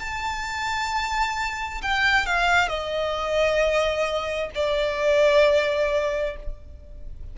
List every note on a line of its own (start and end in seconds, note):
0.00 1.82 A5
1.83 2.26 G5
2.26 2.69 F5
2.69 4.51 D#5
4.55 6.37 D5